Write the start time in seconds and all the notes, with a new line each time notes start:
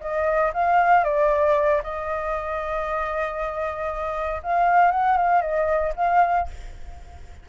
0.00 D#5
0.53 F5
1.04 D5
1.83 D#5
4.42 F5
4.91 F#5
5.17 F5
5.41 D#5
5.96 F5